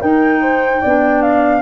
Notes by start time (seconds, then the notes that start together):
0.00 D#4 A#4 G5
0.41 C5
0.81 B3 D4 D5
1.22 F5